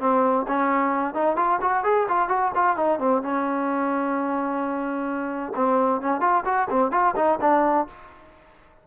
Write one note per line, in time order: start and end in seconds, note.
0.00 0.46 C4
0.48 1.15 C#4
1.15 1.36 D#4
1.36 1.59 F4
1.61 1.84 F#4
1.84 2.07 G#4
2.09 2.29 F4
2.29 2.52 F#4
2.56 2.77 F4
2.77 2.99 D#4
2.99 3.22 C4
3.23 5.53 C#4
5.56 6.01 C4
6.01 6.21 C#4
6.21 6.44 F4
6.45 6.68 F#4
6.70 6.92 C4
6.92 7.15 F4
7.16 7.39 D#4
7.41 7.87 D4